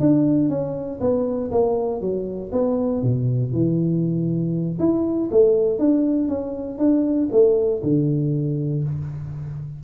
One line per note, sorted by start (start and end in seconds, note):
0.00 0.49 D4
0.49 1.00 C#4
1.01 1.51 B3
1.51 2.01 A#3
2.01 2.51 F#3
2.52 3.03 B3
3.03 3.53 B2
3.53 4.79 E3
4.79 5.30 E4
5.31 5.79 A3
5.79 6.29 D4
6.29 6.79 C#4
6.79 7.29 D4
7.32 7.82 A3
7.83 8.84 D3